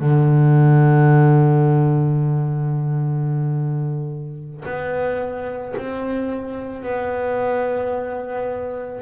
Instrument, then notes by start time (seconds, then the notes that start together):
double bass
0.00 D3
4.65 B3
5.76 C4
6.83 B3